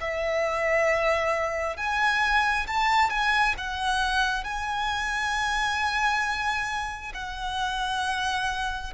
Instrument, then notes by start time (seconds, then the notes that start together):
violin
0.00 E5
1.76 G#5
2.67 A5
3.10 G#5
3.57 F#5
4.44 G#5
7.14 F#5